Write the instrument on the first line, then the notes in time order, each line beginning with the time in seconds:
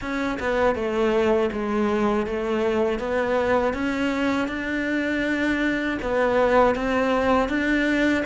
cello
0.01 C#4
0.39 B3
0.75 A3
1.52 G#3
2.26 A3
2.99 B3
3.73 C#4
4.48 D4
6.02 B3
6.75 C4
7.49 D4